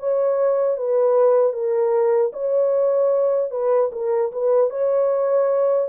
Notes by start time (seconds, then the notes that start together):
0.00 C#5
0.78 B4
1.53 A#4
2.33 C#5
3.51 B4
3.93 A#4
4.32 B4
4.70 C#5